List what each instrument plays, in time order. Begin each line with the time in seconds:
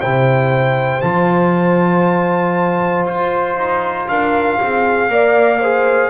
0.00 double bass C3, trombone E4, horn C5, trumpet G5
1.01 double bass F3, trombone F4, trumpet A5
3.06 double bass F4, trumpet C5
3.57 double bass D#4
4.08 double bass D4, horn A#4, trumpet F5
4.62 double bass C4, horn G#4
5.09 double bass A#3, trombone A#4, horn D5
5.60 trombone G#4, horn C5